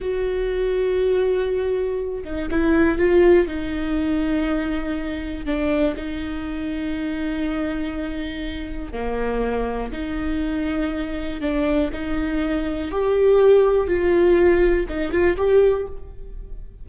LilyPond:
\new Staff \with { instrumentName = "viola" } { \time 4/4 \tempo 4 = 121 fis'1~ | fis'8 dis'8 e'4 f'4 dis'4~ | dis'2. d'4 | dis'1~ |
dis'2 ais2 | dis'2. d'4 | dis'2 g'2 | f'2 dis'8 f'8 g'4 | }